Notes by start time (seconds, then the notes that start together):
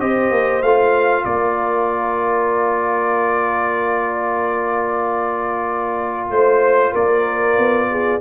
0.00 C4 G4 C5 D#5
0.31 A#3
0.62 A3 F4 F5
1.25 A#3 A#4 D5
6.30 A3 C5
6.93 A#3 A#4 D5
7.58 B3
7.91 G#4